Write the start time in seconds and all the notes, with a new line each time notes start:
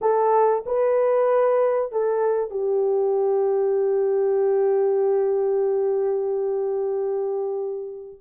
0.01 A4
0.66 B4
1.92 A4
2.50 G4